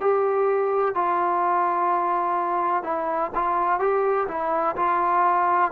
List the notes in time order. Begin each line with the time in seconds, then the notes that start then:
0.00 G4
0.94 F4
2.83 E4
3.35 F4
3.79 G4
4.28 E4
4.76 F4